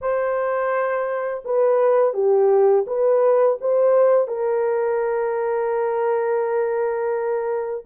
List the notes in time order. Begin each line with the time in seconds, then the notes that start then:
0.01 C5
1.44 B4
2.13 G4
2.86 B4
3.60 C5
4.27 A#4